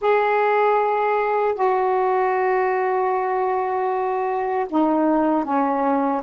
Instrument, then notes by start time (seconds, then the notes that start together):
saxophone
0.01 G#4
1.55 F#4
4.69 D#4
5.44 C#4